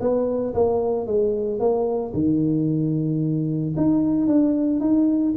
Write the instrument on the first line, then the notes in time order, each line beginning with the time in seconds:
tuba
0.00 B3
0.54 A#3
1.06 G#3
1.59 A#3
2.14 D#3
3.76 D#4
4.27 D4
4.80 D#4